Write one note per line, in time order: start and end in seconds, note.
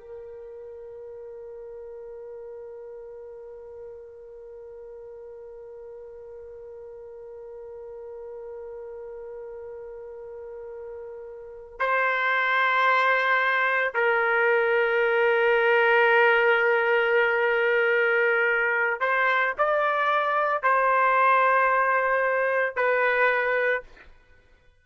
0.00 11.79 A#4
11.80 13.94 C5
13.95 19.01 A#4
19.01 19.54 C5
19.58 20.63 D5
20.63 22.76 C5
22.76 23.83 B4